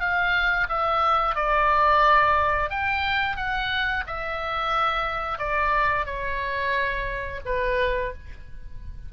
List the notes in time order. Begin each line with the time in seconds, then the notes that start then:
0.00 F5
0.69 E5
1.35 D5
2.70 G5
3.37 F#5
4.07 E5
5.38 D5
6.06 C#5
7.46 B4